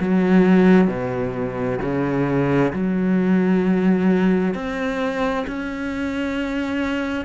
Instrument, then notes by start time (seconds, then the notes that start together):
cello
0.00 F#3
0.88 B2
1.81 C#3
2.73 F#3
4.55 C4
5.47 C#4